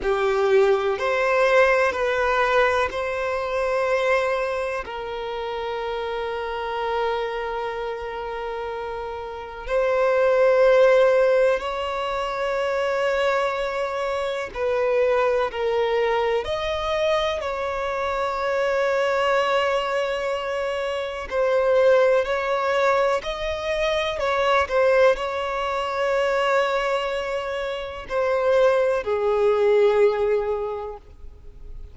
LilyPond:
\new Staff \with { instrumentName = "violin" } { \time 4/4 \tempo 4 = 62 g'4 c''4 b'4 c''4~ | c''4 ais'2.~ | ais'2 c''2 | cis''2. b'4 |
ais'4 dis''4 cis''2~ | cis''2 c''4 cis''4 | dis''4 cis''8 c''8 cis''2~ | cis''4 c''4 gis'2 | }